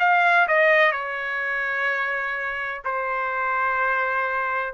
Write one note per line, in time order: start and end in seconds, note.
0.00 0.48 F5
0.48 0.92 D#5
0.92 2.83 C#5
2.85 4.74 C5